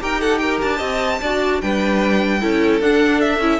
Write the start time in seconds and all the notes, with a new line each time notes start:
0.00 D#4 G4 A#4 G5
0.21 A4 F#5
0.38 A#4 G5
0.61 D4 A5
0.78 C4 D#5
1.21 D4 F#4 D5
1.61 G3 D4 B4 G5
2.40 C#4 E4 A4
2.81 D4 F#5
3.21 E5
3.39 C#4 E4